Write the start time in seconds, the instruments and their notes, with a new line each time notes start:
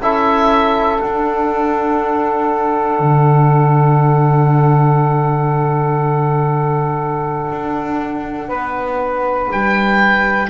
0.00 double bass C#4, trombone E4, saxophone A4, oboe E5
1.00 trombone D4, double bass D4, oboe F#5
3.00 double bass D3
7.52 double bass D4
8.48 double bass B3, saxophone B4
9.52 double bass G3, oboe G5